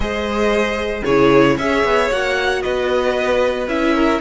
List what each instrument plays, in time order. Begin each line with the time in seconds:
0.00 cello G#3, viola G#4, violin C5 D#5
1.03 cello C#3, viola E4, violin G#4 C#5
1.56 cello C#4, viola G#4, violin C#5 E5
1.84 cello B3
2.11 cello A#3, viola F#4, violin F#5
2.62 cello B3, violin B4 D#5
3.67 cello C#4, viola E4, violin E5
3.94 violin A#4